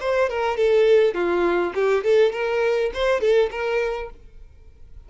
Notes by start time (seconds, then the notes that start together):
0.00 C5
0.29 A#4
0.57 A4
1.14 F4
1.74 G4
2.03 A4
2.32 A#4
2.94 C5
3.20 A4
3.51 A#4